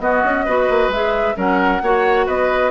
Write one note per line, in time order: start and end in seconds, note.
0.00 0.23 B3
0.00 0.46 B3
0.00 0.46 F#4
0.00 0.91 D#5
0.24 0.47 C#4
0.46 0.70 B3
0.46 0.92 F#4
0.46 1.36 B4
0.70 0.89 A#3
0.89 1.34 G#3
0.89 1.35 G#4
0.89 1.37 E5
1.35 1.83 F#3
1.35 1.80 C#4
1.35 1.82 A#4
1.35 2.28 F#5
1.83 2.28 A#3
1.83 2.71 F#4
1.83 2.27 C#5
2.27 2.71 B3
2.27 2.71 B4
2.27 2.71 D#5